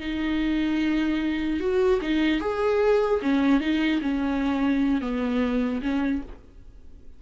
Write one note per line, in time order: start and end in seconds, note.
0.00 1.60 D#4
1.60 2.00 F#4
2.02 2.40 D#4
2.40 3.20 G#4
3.22 3.61 C#4
3.61 4.01 D#4
4.02 5.01 C#4
5.01 5.81 B3
5.82 6.22 C#4